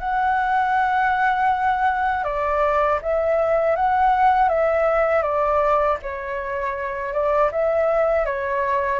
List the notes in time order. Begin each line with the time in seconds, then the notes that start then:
0.00 F#5
2.24 D5
3.02 E5
3.76 F#5
4.49 E5
5.23 D5
6.03 C#5
7.13 D5
7.52 E5
8.26 C#5